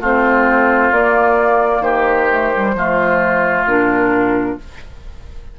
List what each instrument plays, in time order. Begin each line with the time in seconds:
0.00 bassoon A3, clarinet C4, oboe F4, flute C5
0.91 bassoon A#3, clarinet A#3, flute D5
1.80 bassoon D#3, oboe G4, flute C5
2.30 clarinet A3
2.54 clarinet G3
2.74 bassoon F3, clarinet A3, oboe F4
3.64 bassoon A#2, clarinet D4, flute A#4